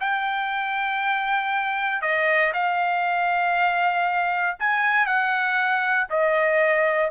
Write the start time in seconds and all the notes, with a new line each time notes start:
0.00 G5
2.02 D#5
2.53 F5
4.59 G#5
5.06 F#5
6.09 D#5